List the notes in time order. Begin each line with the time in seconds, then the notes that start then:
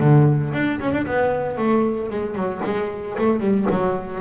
0.00 D3
0.54 D4
0.80 C#4
0.93 D4
1.06 B3
1.58 A3
2.10 G#3
2.35 F#3
2.64 G#3
3.18 A3
3.40 G3
3.71 F#3